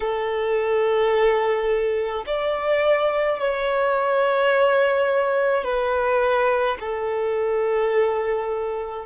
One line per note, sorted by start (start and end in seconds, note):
0.00 2.24 A4
2.26 3.39 D5
3.39 5.63 C#5
5.63 6.77 B4
6.79 9.06 A4